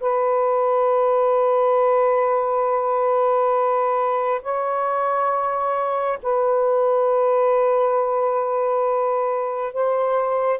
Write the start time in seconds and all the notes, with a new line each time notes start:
0.00 B4
4.42 C#5
6.22 B4
9.73 C5